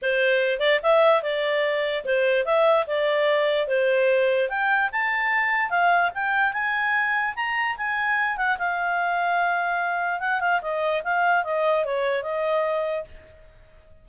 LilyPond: \new Staff \with { instrumentName = "clarinet" } { \time 4/4 \tempo 4 = 147 c''4. d''8 e''4 d''4~ | d''4 c''4 e''4 d''4~ | d''4 c''2 g''4 | a''2 f''4 g''4 |
gis''2 ais''4 gis''4~ | gis''8 fis''8 f''2.~ | f''4 fis''8 f''8 dis''4 f''4 | dis''4 cis''4 dis''2 | }